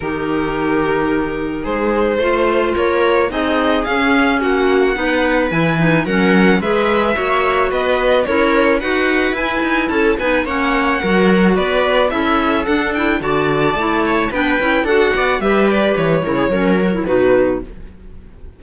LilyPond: <<
  \new Staff \with { instrumentName = "violin" } { \time 4/4 \tempo 4 = 109 ais'2. c''4~ | c''4 cis''4 dis''4 f''4 | fis''2 gis''4 fis''4 | e''2 dis''4 cis''4 |
fis''4 gis''4 a''8 gis''8 fis''4~ | fis''4 d''4 e''4 fis''8 g''8 | a''2 g''4 fis''4 | e''8 d''8 cis''2 b'4 | }
  \new Staff \with { instrumentName = "viola" } { \time 4/4 g'2. gis'4 | c''4 ais'4 gis'2 | fis'4 b'2 ais'4 | b'4 cis''4 b'4 ais'4 |
b'2 a'8 b'8 cis''4 | ais'4 b'4 a'2 | d''4. cis''8 b'4 a'8 d''8 | b'4. ais'16 gis'16 ais'4 fis'4 | }
  \new Staff \with { instrumentName = "clarinet" } { \time 4/4 dis'1 | f'2 dis'4 cis'4~ | cis'4 dis'4 e'8 dis'8 cis'4 | gis'4 fis'2 e'4 |
fis'4 e'4. dis'8 cis'4 | fis'2 e'4 d'8 e'8 | fis'4 e'4 d'8 e'8 fis'4 | g'4. e'8 cis'8 fis'16 e'16 dis'4 | }
  \new Staff \with { instrumentName = "cello" } { \time 4/4 dis2. gis4 | a4 ais4 c'4 cis'4 | ais4 b4 e4 fis4 | gis4 ais4 b4 cis'4 |
dis'4 e'8 dis'8 cis'8 b8 ais4 | fis4 b4 cis'4 d'4 | d4 a4 b8 cis'8 d'8 b8 | g4 e8 cis8 fis4 b,4 | }
>>